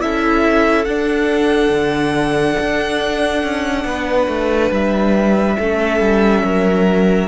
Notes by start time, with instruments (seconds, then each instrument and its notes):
0.00 cello C#4, viola E4, violin A4 E5
0.85 cello D4, viola D4, violin F#5
1.70 cello D3
2.61 cello D4
3.44 cello C#4
3.85 cello B3, violin B4
4.28 cello A3
4.71 cello G3, violin E5
5.60 cello A3, viola C#4, violin A4
6.00 cello G3
6.44 cello F#3, violin A#4